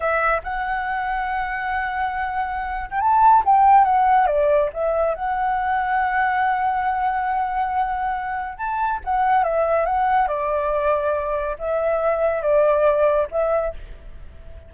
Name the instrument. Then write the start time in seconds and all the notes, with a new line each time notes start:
flute
0.00 E5
0.43 F#5
2.90 G5
3.00 A5
3.45 G5
3.84 F#5
4.26 D5
4.73 E5
5.14 F#5
8.57 A5
9.04 F#5
9.43 E5
9.85 F#5
10.27 D5
11.58 E5
12.41 D5
13.31 E5